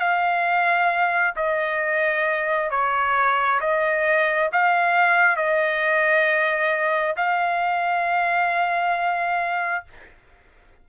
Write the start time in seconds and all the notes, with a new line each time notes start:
0.00 F5
1.36 D#5
2.71 C#5
3.61 D#5
4.53 F5
5.36 D#5
7.16 F5